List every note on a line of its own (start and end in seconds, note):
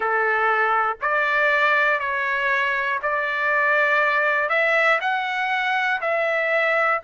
0.00 0.97 A4
1.01 1.99 D5
1.99 2.99 C#5
3.02 4.49 D5
4.49 4.99 E5
5.00 6.00 F#5
6.01 7.01 E5